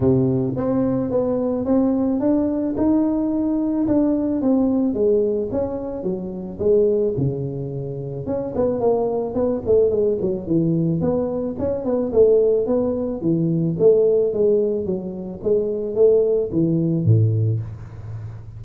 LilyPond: \new Staff \with { instrumentName = "tuba" } { \time 4/4 \tempo 4 = 109 c4 c'4 b4 c'4 | d'4 dis'2 d'4 | c'4 gis4 cis'4 fis4 | gis4 cis2 cis'8 b8 |
ais4 b8 a8 gis8 fis8 e4 | b4 cis'8 b8 a4 b4 | e4 a4 gis4 fis4 | gis4 a4 e4 a,4 | }